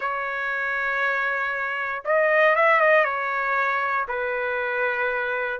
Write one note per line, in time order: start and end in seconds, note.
0.00 2.03 C#5
2.05 2.55 D#5
2.55 2.80 E5
2.80 3.04 D#5
3.04 4.06 C#5
4.08 5.60 B4